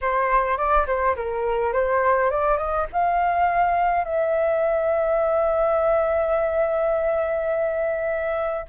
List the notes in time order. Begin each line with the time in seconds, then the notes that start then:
0.01 C5
0.57 D5
0.87 C5
1.16 A#4
1.73 C5
2.30 D5
2.57 D#5
2.92 F5
4.04 E5